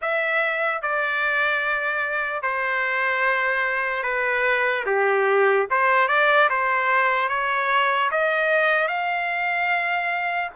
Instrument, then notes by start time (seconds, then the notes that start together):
trumpet
0.01 E5
0.81 D5
2.42 C5
4.03 B4
4.85 G4
5.70 C5
6.08 D5
6.49 C5
7.28 C#5
8.11 D#5
8.88 F5